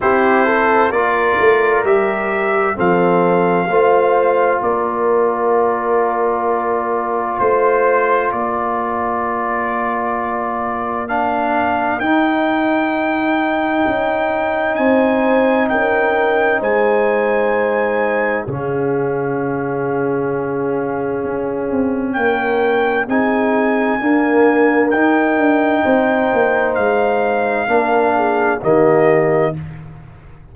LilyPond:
<<
  \new Staff \with { instrumentName = "trumpet" } { \time 4/4 \tempo 4 = 65 c''4 d''4 e''4 f''4~ | f''4 d''2. | c''4 d''2. | f''4 g''2. |
gis''4 g''4 gis''2 | f''1 | g''4 gis''2 g''4~ | g''4 f''2 dis''4 | }
  \new Staff \with { instrumentName = "horn" } { \time 4/4 g'8 a'8 ais'2 a'4 | c''4 ais'2. | c''4 ais'2.~ | ais'1 |
c''4 ais'4 c''2 | gis'1 | ais'4 gis'4 ais'2 | c''2 ais'8 gis'8 g'4 | }
  \new Staff \with { instrumentName = "trombone" } { \time 4/4 e'4 f'4 g'4 c'4 | f'1~ | f'1 | d'4 dis'2.~ |
dis'1 | cis'1~ | cis'4 dis'4 ais4 dis'4~ | dis'2 d'4 ais4 | }
  \new Staff \with { instrumentName = "tuba" } { \time 4/4 c'4 ais8 a8 g4 f4 | a4 ais2. | a4 ais2.~ | ais4 dis'2 cis'4 |
c'4 cis'4 gis2 | cis2. cis'8 c'8 | ais4 c'4 d'4 dis'8 d'8 | c'8 ais8 gis4 ais4 dis4 | }
>>